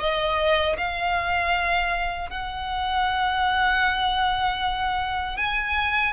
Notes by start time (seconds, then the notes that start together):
0.00 D#5
0.78 F5
2.30 F#5
5.37 G#5